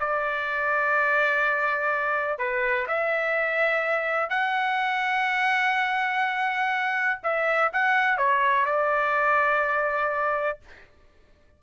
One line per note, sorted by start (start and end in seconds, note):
0.00 2.39 D5
2.39 2.87 B4
2.88 4.30 E5
4.30 7.20 F#5
7.24 7.72 E5
7.73 8.18 F#5
8.18 8.66 C#5
8.66 10.59 D5